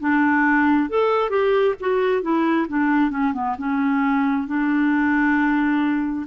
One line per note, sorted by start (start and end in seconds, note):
0.00 0.90 D4
0.90 1.30 A4
1.30 1.75 G4
1.81 2.23 F#4
2.23 2.67 E4
2.68 3.11 D4
3.11 3.33 C#4
3.34 3.56 B3
3.59 4.48 C#4
4.48 6.27 D4